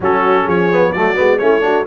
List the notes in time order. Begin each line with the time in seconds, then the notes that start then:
0.00 F#3 C#4 F#4 A4
0.44 F3 G#4 C#5
0.71 B3
0.92 F#3 A3 F#4 D5
1.15 G#3 B3
1.38 A3 C#4 E4 C#5
1.60 D4 F#4